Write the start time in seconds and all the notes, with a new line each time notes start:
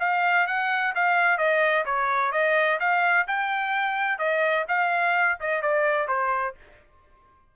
0.00 F5
0.47 F#5
0.95 F5
1.38 D#5
1.85 C#5
2.32 D#5
2.80 F5
3.27 G5
4.18 D#5
4.68 F5
5.40 D#5
5.62 D5
6.08 C5